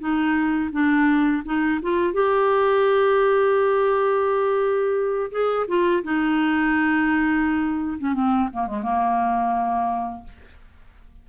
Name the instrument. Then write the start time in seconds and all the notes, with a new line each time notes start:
clarinet
0.00 D#4
0.73 D4
1.45 D#4
1.83 F4
2.14 G4
5.32 G#4
5.68 F4
6.04 D#4
7.99 C#4
8.14 C4
8.53 A#3
8.67 G#3
8.83 A#3